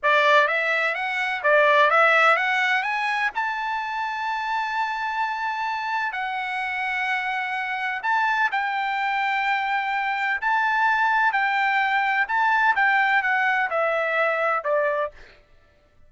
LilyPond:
\new Staff \with { instrumentName = "trumpet" } { \time 4/4 \tempo 4 = 127 d''4 e''4 fis''4 d''4 | e''4 fis''4 gis''4 a''4~ | a''1~ | a''4 fis''2.~ |
fis''4 a''4 g''2~ | g''2 a''2 | g''2 a''4 g''4 | fis''4 e''2 d''4 | }